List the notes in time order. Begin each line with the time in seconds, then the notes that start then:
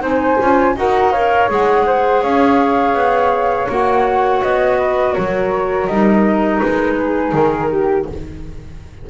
0.00 C4 D#4 C5 G#5
0.39 C#4 F4
0.75 D#4 F#4 A#4 F#5
1.11 A#4 C#5 F5
1.49 G#3 G#4 F#5
1.86 C5
2.21 C#4 C#5 F5
2.94 B3
3.69 A#3 F#4 F#5
4.42 B3 D#5
4.78 B4
5.12 F#3 A#4 C#5
5.86 G3 D#4 D#5
6.60 G#3 B4
6.96 G#4
7.32 D#3 A#4
7.70 G4